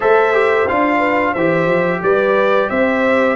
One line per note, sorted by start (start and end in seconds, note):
0.00 0.69 A3
0.00 0.33 A4
0.00 0.98 C5
0.00 0.67 E5
0.33 0.67 G4
0.67 1.35 D4
0.67 1.36 F4
0.67 1.34 F5
0.98 1.31 B4
1.32 1.66 E3
1.32 3.36 G4
1.32 1.99 C5
1.32 2.01 E5
1.66 2.00 F3
2.02 2.70 G3
2.02 2.69 B4
2.02 2.69 D5
2.69 3.36 C4
2.69 3.36 C5
2.69 3.36 E5